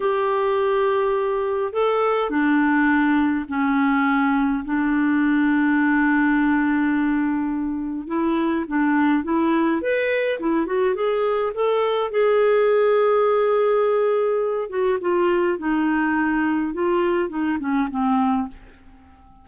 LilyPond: \new Staff \with { instrumentName = "clarinet" } { \time 4/4 \tempo 4 = 104 g'2. a'4 | d'2 cis'2 | d'1~ | d'2 e'4 d'4 |
e'4 b'4 e'8 fis'8 gis'4 | a'4 gis'2.~ | gis'4. fis'8 f'4 dis'4~ | dis'4 f'4 dis'8 cis'8 c'4 | }